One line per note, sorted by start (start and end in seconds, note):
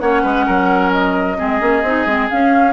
0.00 0.23 A#3
0.00 1.37 C#4
0.00 0.22 C#5
0.00 0.91 F#5
0.22 0.47 G#3
0.22 0.45 B4
0.46 1.39 F#3
0.46 1.37 A#4
0.92 2.28 D#5
1.37 1.61 G#3
1.37 1.60 C4
1.37 2.73 G#4
1.60 1.82 A#3
1.60 1.82 C#4
1.82 2.05 C4
1.82 2.07 D#4
2.06 2.29 G#3
2.06 2.30 C4
2.30 2.73 C#4
2.30 2.73 F5